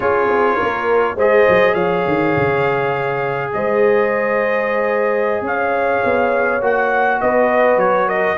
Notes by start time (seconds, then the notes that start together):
0.00 C#4 F4 G#4 C#5
0.28 C4
0.56 A#4
0.62 A#3
1.15 G#3 G#4 C5 D#5
1.48 F#3
1.74 F3 C#5 F5
2.07 D#3
2.37 C#3
3.53 G#3 C5 D#5
5.41 C#4 C#5 F5
6.04 B3
6.61 A#3 F#4 F#5
7.20 B3 B4 D#5
7.76 F#3 C#5
8.07 A#4 D#5